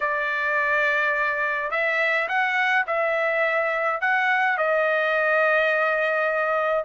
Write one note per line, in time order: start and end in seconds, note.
0.00 1.71 D5
1.71 2.28 E5
2.28 2.85 F#5
2.86 4.00 E5
4.00 4.57 F#5
4.57 6.84 D#5